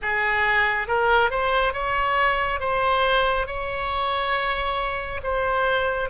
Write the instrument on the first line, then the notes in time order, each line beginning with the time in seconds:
oboe
0.02 G#4
0.87 A#4
1.30 C5
1.73 C#5
2.60 C5
3.47 C#5
5.23 C5